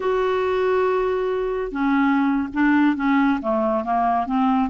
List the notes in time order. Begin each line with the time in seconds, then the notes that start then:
0.00 F#4
1.71 C#4
2.53 D4
2.95 C#4
3.41 A3
3.84 A#3
4.26 C4